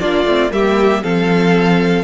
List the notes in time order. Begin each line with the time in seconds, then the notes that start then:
0.00 A#3 D4 F4 D5
0.25 A3 C4
0.51 G3 A#3 G4 E5
1.04 F3 C4 A4 F5